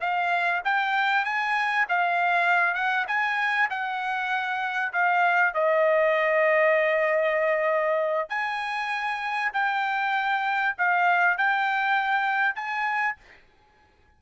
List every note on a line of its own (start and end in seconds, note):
0.00 0.61 F5
0.64 1.24 G5
1.24 1.86 G#5
1.88 2.74 F5
2.74 3.05 F#5
3.08 3.69 G#5
3.70 4.92 F#5
4.93 5.54 F5
5.54 8.29 D#5
8.29 9.51 G#5
9.53 10.75 G5
10.78 11.37 F5
11.37 12.55 G5
12.55 13.16 G#5